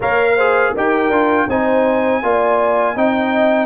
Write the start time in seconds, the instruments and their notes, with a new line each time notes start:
0.00 tuba A#3, trombone A#4, horn C#5, trumpet F5
0.36 trombone G#4, horn C5
0.74 tuba D#4, trombone G4, horn A#4, trumpet G5
1.09 tuba D4, trombone F4
1.48 tuba C4, trombone D#4, horn C5, trumpet G#5
2.22 tuba A#3, trombone F4, horn D5
2.94 tuba C4, trombone D#4, horn D#5, trumpet G5